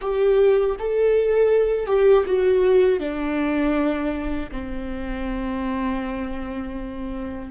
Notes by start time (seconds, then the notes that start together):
0.01 G4
0.79 A4
1.86 G4
2.26 F#4
2.99 D4
4.51 C4